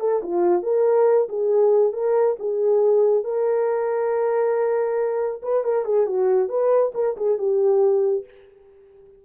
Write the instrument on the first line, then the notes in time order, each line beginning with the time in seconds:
horn
0.00 A4
0.23 F4
0.63 A#4
1.29 G#4
1.93 A#4
2.39 G#4
3.24 A#4
5.43 B4
5.64 A#4
5.85 G#4
6.07 F#4
6.49 B4
6.94 A#4
7.17 G#4
7.38 G4